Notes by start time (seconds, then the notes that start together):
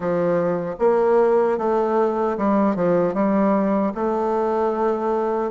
0.00 F3
0.79 A#3
1.58 A3
2.37 G3
2.75 F3
3.14 G3
3.95 A3